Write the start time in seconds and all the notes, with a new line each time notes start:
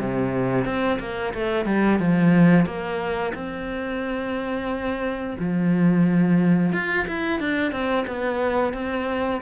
0.00 C3
0.65 C4
1.00 A#3
1.34 A3
1.66 G3
1.99 F3
2.66 A#3
3.35 C4
5.39 F3
6.73 F4
7.08 E4
7.40 D4
7.72 C4
8.07 B3
8.74 C4